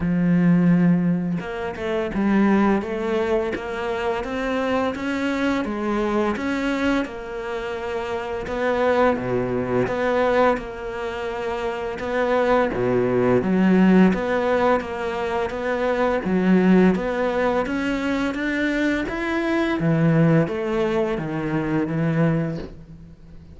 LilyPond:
\new Staff \with { instrumentName = "cello" } { \time 4/4 \tempo 4 = 85 f2 ais8 a8 g4 | a4 ais4 c'4 cis'4 | gis4 cis'4 ais2 | b4 b,4 b4 ais4~ |
ais4 b4 b,4 fis4 | b4 ais4 b4 fis4 | b4 cis'4 d'4 e'4 | e4 a4 dis4 e4 | }